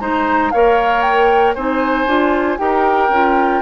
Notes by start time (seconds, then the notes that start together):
0.00 G#3 D#4 C5 A#5
0.51 A#3 A#4 C#5 F5
1.02 G5
1.55 C4 D#4 C5 G#5
2.06 D4 F4
2.58 D#4 G4 A#4 G5
3.10 C#4 F4